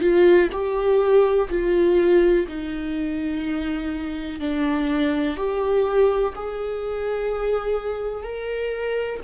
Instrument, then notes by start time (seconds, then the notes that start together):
viola
0.00 F4
0.51 G4
1.49 F4
2.48 D#4
4.39 D4
5.37 G4
6.35 G#4
8.23 A#4